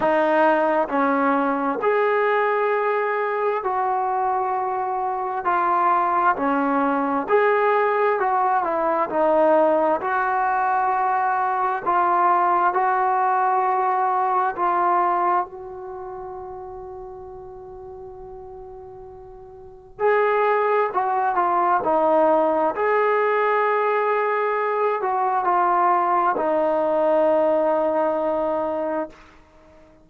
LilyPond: \new Staff \with { instrumentName = "trombone" } { \time 4/4 \tempo 4 = 66 dis'4 cis'4 gis'2 | fis'2 f'4 cis'4 | gis'4 fis'8 e'8 dis'4 fis'4~ | fis'4 f'4 fis'2 |
f'4 fis'2.~ | fis'2 gis'4 fis'8 f'8 | dis'4 gis'2~ gis'8 fis'8 | f'4 dis'2. | }